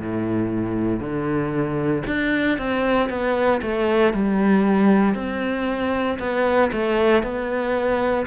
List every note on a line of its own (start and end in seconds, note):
0.00 0.99 A2
0.99 2.03 D3
2.06 2.58 D4
2.58 3.09 C4
3.09 3.61 B3
3.61 4.13 A3
4.13 5.14 G3
5.14 6.18 C4
6.18 6.70 B3
6.71 7.23 A3
7.23 8.26 B3